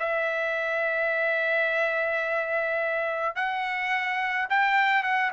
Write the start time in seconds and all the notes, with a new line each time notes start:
0.00 E5
3.36 F#5
4.50 G5
5.03 F#5